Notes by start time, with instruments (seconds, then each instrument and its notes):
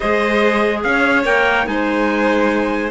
0.00 cello G#3, clarinet G#4, violin C5, trumpet D#5
0.82 cello C#4, violin C#5, trumpet F5
1.24 cello A#3, clarinet A#4, trumpet G5
1.65 cello G#3, clarinet D#4, violin C5, trumpet G#5